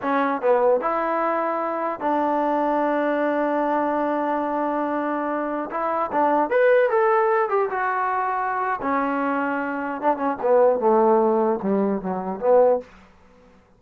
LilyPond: \new Staff \with { instrumentName = "trombone" } { \time 4/4 \tempo 4 = 150 cis'4 b4 e'2~ | e'4 d'2.~ | d'1~ | d'2~ d'16 e'4 d'8.~ |
d'16 b'4 a'4. g'8 fis'8.~ | fis'2 cis'2~ | cis'4 d'8 cis'8 b4 a4~ | a4 g4 fis4 b4 | }